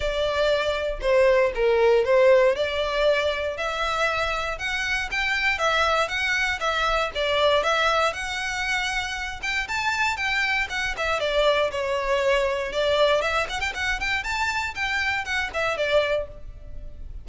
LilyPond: \new Staff \with { instrumentName = "violin" } { \time 4/4 \tempo 4 = 118 d''2 c''4 ais'4 | c''4 d''2 e''4~ | e''4 fis''4 g''4 e''4 | fis''4 e''4 d''4 e''4 |
fis''2~ fis''8 g''8 a''4 | g''4 fis''8 e''8 d''4 cis''4~ | cis''4 d''4 e''8 fis''16 g''16 fis''8 g''8 | a''4 g''4 fis''8 e''8 d''4 | }